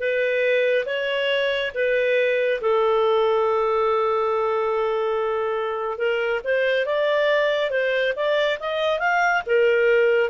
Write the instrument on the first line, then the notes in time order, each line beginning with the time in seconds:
clarinet
0.00 B4
0.86 C#5
1.75 B4
2.61 A4
5.98 A#4
6.45 C5
6.86 D5
7.71 C5
8.16 D5
8.60 D#5
9.00 F5
9.47 A#4